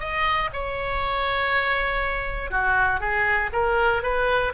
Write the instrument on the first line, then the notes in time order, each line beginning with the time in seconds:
oboe
0.00 D#5
0.53 C#5
2.51 F#4
3.00 G#4
3.53 A#4
4.03 B4